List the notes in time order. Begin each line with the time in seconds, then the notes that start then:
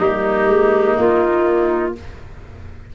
0.00 G3 A#3 D#4 G4
0.47 G#3
0.98 A#3 F4